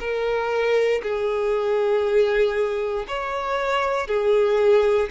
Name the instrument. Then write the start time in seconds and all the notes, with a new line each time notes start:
violin
0.00 A#4
1.03 G#4
3.08 C#5
4.08 G#4